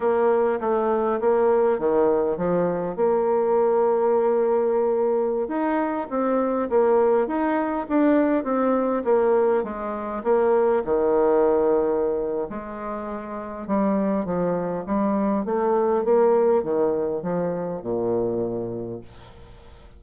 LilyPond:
\new Staff \with { instrumentName = "bassoon" } { \time 4/4 \tempo 4 = 101 ais4 a4 ais4 dis4 | f4 ais2.~ | ais4~ ais16 dis'4 c'4 ais8.~ | ais16 dis'4 d'4 c'4 ais8.~ |
ais16 gis4 ais4 dis4.~ dis16~ | dis4 gis2 g4 | f4 g4 a4 ais4 | dis4 f4 ais,2 | }